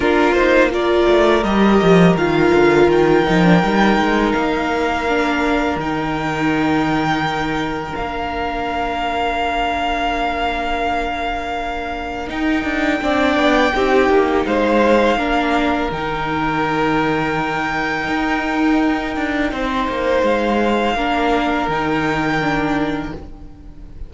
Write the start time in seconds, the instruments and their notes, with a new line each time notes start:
0.00 cello A#3, viola D4, violin F4 A#4
0.33 viola D#4, violin C5
0.70 viola F4, violin A#4 D5
1.08 cello A3
1.43 cello G3, viola G4, violin D#5
1.82 cello F3
2.15 cello D#3, viola F4, violin F5
2.54 cello D3
2.87 cello D#3, violin G5
3.26 cello F3, viola D#4
3.44 viola D4
3.62 cello G3, viola D#4
3.97 cello G#3
4.32 cello A#3, violin F5
5.08 viola D4
5.76 cello D#3, viola D#4, violin G5
7.95 cello A#3, viola D4, violin F5
12.27 viola D#4, cello D#4, violin G5
12.63 cello D4
13.00 cello C4, viola D4, violin D5
13.36 cello B3
13.74 cello C4, viola D#4, violin G4
14.09 cello A#3
14.45 cello G#3, violin C5 F5
15.17 cello A#3, viola D4, violin A#4
15.91 cello D#3, viola D#4, violin G5
18.08 cello D#4
19.16 cello D4
19.51 cello C4, violin C5
19.88 cello A#3
20.22 cello G#3, violin F5
20.95 cello A#3, viola D4, violin A#4
21.67 cello D#3, viola D#4, violin G5
22.40 viola D4